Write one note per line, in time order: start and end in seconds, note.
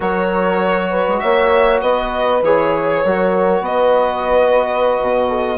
0.00 1.07 F#3
0.00 2.43 F#4
0.00 0.90 A#4
0.00 1.19 C#5
0.90 1.20 B4
1.07 1.23 G#3
1.19 1.81 A#3
1.19 1.81 C#5
1.19 1.80 E5
1.81 2.42 B3
1.81 3.02 B4
1.81 2.41 D#5
2.42 3.02 E3
2.42 3.05 G#4
2.42 3.64 C#5
3.03 3.61 F#3
3.03 5.58 F#4
3.03 3.64 A#4
3.61 4.97 B3
3.61 5.29 B4
3.61 5.58 D#5
5.01 5.58 B2
5.29 5.58 A4